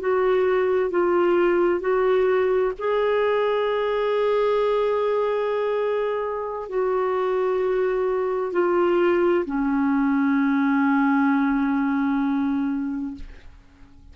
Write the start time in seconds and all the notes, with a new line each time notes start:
0.00 F#4
0.90 F4
1.80 F#4
2.78 G#4
6.68 F#4
8.52 F4
9.45 C#4